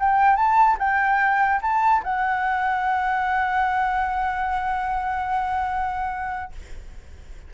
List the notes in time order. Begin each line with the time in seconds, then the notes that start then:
0.00 G5
0.36 A5
0.79 G5
1.62 A5
2.04 F#5